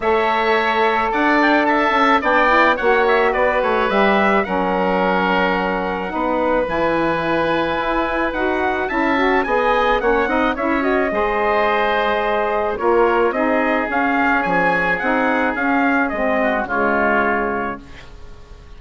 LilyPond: <<
  \new Staff \with { instrumentName = "trumpet" } { \time 4/4 \tempo 4 = 108 e''2 fis''8 g''8 a''4 | g''4 fis''8 e''8 d''8 cis''8 e''4 | fis''1 | gis''2. fis''4 |
a''4 gis''4 fis''4 e''8 dis''8~ | dis''2. cis''4 | dis''4 f''4 gis''4 fis''4 | f''4 dis''4 cis''2 | }
  \new Staff \with { instrumentName = "oboe" } { \time 4/4 cis''2 d''4 e''4 | d''4 cis''4 b'2 | ais'2. b'4~ | b'1 |
e''4 dis''4 cis''8 dis''8 cis''4 | c''2. ais'4 | gis'1~ | gis'4. fis'8 f'2 | }
  \new Staff \with { instrumentName = "saxophone" } { \time 4/4 a'1 | d'8 e'8 fis'2 g'4 | cis'2. dis'4 | e'2. fis'4 |
e'8 fis'8 gis'4 cis'8 dis'8 e'8 fis'8 | gis'2. f'4 | dis'4 cis'2 dis'4 | cis'4 c'4 gis2 | }
  \new Staff \with { instrumentName = "bassoon" } { \time 4/4 a2 d'4. cis'8 | b4 ais4 b8 a8 g4 | fis2. b4 | e2 e'4 dis'4 |
cis'4 b4 ais8 c'8 cis'4 | gis2. ais4 | c'4 cis'4 f4 c'4 | cis'4 gis4 cis2 | }
>>